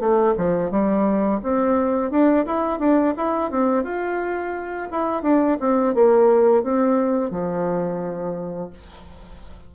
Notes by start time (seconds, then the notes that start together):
0.00 A3
0.38 F3
0.71 G3
1.43 C4
2.11 D4
2.46 E4
2.80 D4
3.17 E4
3.51 C4
3.84 F4
4.92 E4
5.23 D4
5.61 C4
5.95 A#3
6.64 C4
7.31 F3